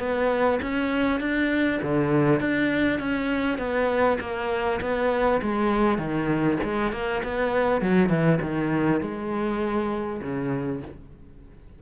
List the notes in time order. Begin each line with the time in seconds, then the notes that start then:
0.00 B3
0.63 C#4
1.21 D4
1.83 D3
2.41 D4
3.00 C#4
3.59 B3
4.21 A#3
4.81 B3
5.42 G#3
5.99 D#3
6.64 G#3
6.93 A#3
7.24 B3
7.82 F#3
8.09 E3
8.42 D#3
9.02 G#3
10.22 C#3